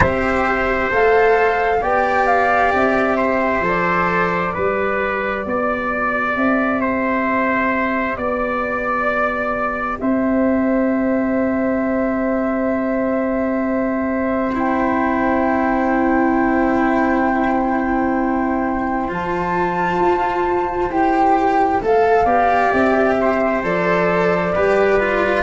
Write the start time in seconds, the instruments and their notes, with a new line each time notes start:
0.00 tuba C4, cello G4, trumpet C5, flute E5
0.90 tuba A3, cello A4, flute F5
1.81 tuba B3, cello G4, trumpet D5, flute G5
2.27 flute F5
2.73 tuba C4, flute E5
3.16 trumpet C5
3.60 tuba F3, cello A4
3.67 flute D5
4.53 tuba G3, cello G4, trumpet B4
5.45 tuba B3, trumpet D5
6.35 tuba C4, flute E5
6.80 trumpet C5
8.16 tuba B3, flute D5, trumpet D5
9.99 tuba C4, trumpet C5, flute E5
14.54 cello E4, flute G5
19.08 tuba F3, cello F4, flute A5
20.00 tuba F4
20.89 tuba E4, cello G4, flute G5
21.82 tuba A3, cello A4, flute F5
22.24 tuba B3, cello G4, trumpet D5
22.71 tuba C4, flute E5
23.21 trumpet C5
23.63 tuba F3, cello A4, flute D5
24.55 tuba G3, cello G4, trumpet B4
25.00 cello F4